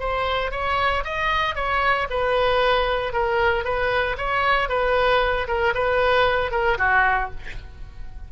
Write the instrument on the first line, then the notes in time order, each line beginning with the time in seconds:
oboe
0.00 C5
0.52 C#5
1.05 D#5
1.56 C#5
2.10 B4
3.13 A#4
3.65 B4
4.18 C#5
4.69 B4
5.48 A#4
5.75 B4
6.52 A#4
6.78 F#4